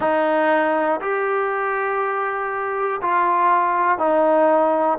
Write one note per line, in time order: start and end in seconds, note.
0.00 1.00 D#4
1.00 3.00 G4
3.01 3.98 F4
3.98 4.98 D#4